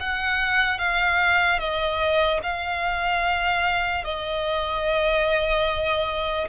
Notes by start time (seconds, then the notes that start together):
0.00 F#5
0.79 F5
1.59 D#5
2.43 F5
4.05 D#5